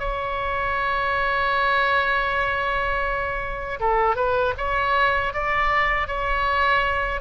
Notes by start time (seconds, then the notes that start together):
0.00 C#5
3.80 A4
4.16 B4
4.58 C#5
5.34 D5
6.08 C#5